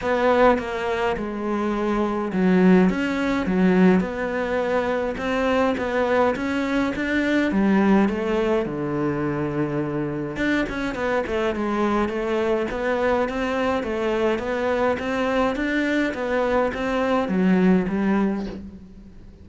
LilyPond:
\new Staff \with { instrumentName = "cello" } { \time 4/4 \tempo 4 = 104 b4 ais4 gis2 | fis4 cis'4 fis4 b4~ | b4 c'4 b4 cis'4 | d'4 g4 a4 d4~ |
d2 d'8 cis'8 b8 a8 | gis4 a4 b4 c'4 | a4 b4 c'4 d'4 | b4 c'4 fis4 g4 | }